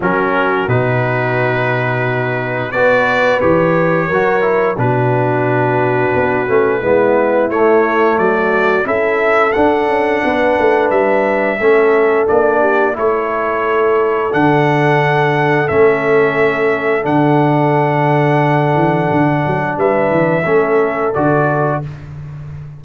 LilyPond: <<
  \new Staff \with { instrumentName = "trumpet" } { \time 4/4 \tempo 4 = 88 ais'4 b'2. | d''4 cis''2 b'4~ | b'2. cis''4 | d''4 e''4 fis''2 |
e''2 d''4 cis''4~ | cis''4 fis''2 e''4~ | e''4 fis''2.~ | fis''4 e''2 d''4 | }
  \new Staff \with { instrumentName = "horn" } { \time 4/4 fis'1 | b'2 ais'4 fis'4~ | fis'2 e'2 | fis'4 a'2 b'4~ |
b'4 a'4. g'8 a'4~ | a'1~ | a'1~ | a'4 b'4 a'2 | }
  \new Staff \with { instrumentName = "trombone" } { \time 4/4 cis'4 dis'2. | fis'4 g'4 fis'8 e'8 d'4~ | d'4. cis'8 b4 a4~ | a4 e'4 d'2~ |
d'4 cis'4 d'4 e'4~ | e'4 d'2 cis'4~ | cis'4 d'2.~ | d'2 cis'4 fis'4 | }
  \new Staff \with { instrumentName = "tuba" } { \time 4/4 fis4 b,2. | b4 e4 fis4 b,4~ | b,4 b8 a8 gis4 a4 | fis4 cis'4 d'8 cis'8 b8 a8 |
g4 a4 ais4 a4~ | a4 d2 a4~ | a4 d2~ d8 e8 | d8 fis8 g8 e8 a4 d4 | }
>>